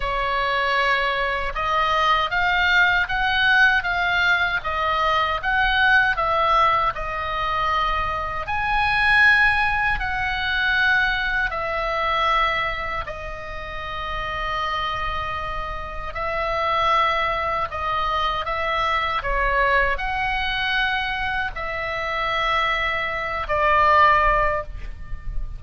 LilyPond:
\new Staff \with { instrumentName = "oboe" } { \time 4/4 \tempo 4 = 78 cis''2 dis''4 f''4 | fis''4 f''4 dis''4 fis''4 | e''4 dis''2 gis''4~ | gis''4 fis''2 e''4~ |
e''4 dis''2.~ | dis''4 e''2 dis''4 | e''4 cis''4 fis''2 | e''2~ e''8 d''4. | }